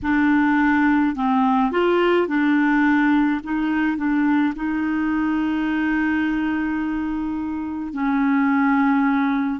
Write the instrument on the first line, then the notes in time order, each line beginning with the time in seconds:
clarinet
0.02 D4
1.15 C4
1.71 F4
2.27 D4
3.43 D#4
3.97 D4
4.55 D#4
7.92 C#4